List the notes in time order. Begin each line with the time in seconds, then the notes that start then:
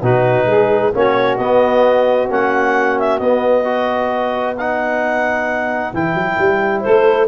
0.00 B2 D#4 F#4 B4
0.46 G#3 G#4
0.94 A#3 C#4 F#4 C#5
1.37 B3 D#5
2.29 A#3 C#4 F#5
2.99 E5
3.19 B3 D#5
3.65 F#4 B4
4.57 D#4 F#5
5.94 E3 E4 G5
6.15 F#3
6.39 G3
6.81 A4 C5
6.87 A3